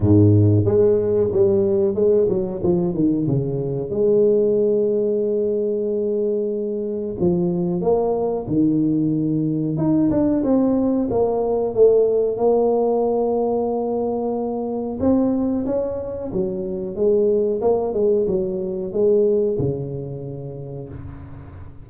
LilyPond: \new Staff \with { instrumentName = "tuba" } { \time 4/4 \tempo 4 = 92 gis,4 gis4 g4 gis8 fis8 | f8 dis8 cis4 gis2~ | gis2. f4 | ais4 dis2 dis'8 d'8 |
c'4 ais4 a4 ais4~ | ais2. c'4 | cis'4 fis4 gis4 ais8 gis8 | fis4 gis4 cis2 | }